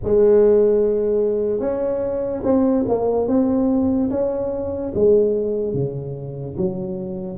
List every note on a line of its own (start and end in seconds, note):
0.03 1.60 G#3
1.60 2.42 C#4
2.43 2.84 C4
2.88 3.27 A#3
3.27 4.09 C4
4.10 4.92 C#4
4.94 5.73 G#3
5.73 6.55 C#3
6.57 7.37 F#3